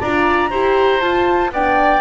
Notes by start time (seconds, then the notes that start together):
0.00 D4 F4 D5 A#5
0.50 E4 G4 C5
1.00 F4 A5
1.51 B3 D4 D5 G5